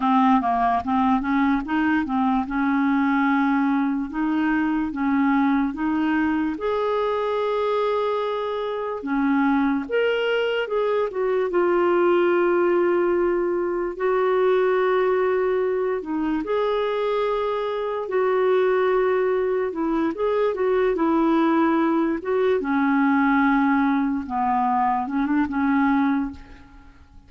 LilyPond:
\new Staff \with { instrumentName = "clarinet" } { \time 4/4 \tempo 4 = 73 c'8 ais8 c'8 cis'8 dis'8 c'8 cis'4~ | cis'4 dis'4 cis'4 dis'4 | gis'2. cis'4 | ais'4 gis'8 fis'8 f'2~ |
f'4 fis'2~ fis'8 dis'8 | gis'2 fis'2 | e'8 gis'8 fis'8 e'4. fis'8 cis'8~ | cis'4. b4 cis'16 d'16 cis'4 | }